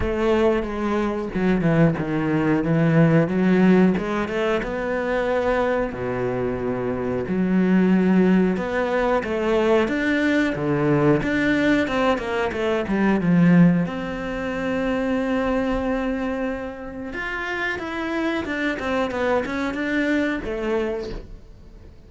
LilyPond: \new Staff \with { instrumentName = "cello" } { \time 4/4 \tempo 4 = 91 a4 gis4 fis8 e8 dis4 | e4 fis4 gis8 a8 b4~ | b4 b,2 fis4~ | fis4 b4 a4 d'4 |
d4 d'4 c'8 ais8 a8 g8 | f4 c'2.~ | c'2 f'4 e'4 | d'8 c'8 b8 cis'8 d'4 a4 | }